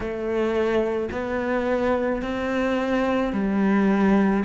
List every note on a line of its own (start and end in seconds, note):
0.00 1.09 A3
1.11 2.22 B3
2.22 3.32 C4
3.32 4.43 G3